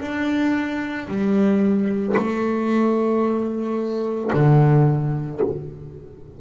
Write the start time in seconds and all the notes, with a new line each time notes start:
0.00 D4
1.08 G3
2.16 A3
4.33 D3